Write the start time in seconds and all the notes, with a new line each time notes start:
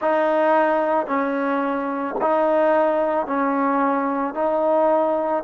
0.01 D#4
1.06 C#4
2.21 D#4
3.26 C#4
4.34 D#4